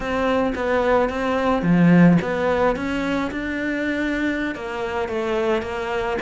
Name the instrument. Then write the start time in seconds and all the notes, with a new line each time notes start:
cello
0.00 C4
0.55 B3
1.09 C4
1.62 F3
2.21 B3
2.75 C#4
3.31 D4
4.55 A#3
5.08 A3
5.61 A#3